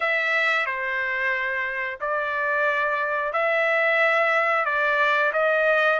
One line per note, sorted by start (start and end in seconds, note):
0.00 0.65 E5
0.65 1.99 C5
2.00 3.32 D5
3.32 4.65 E5
4.65 5.32 D5
5.32 5.99 D#5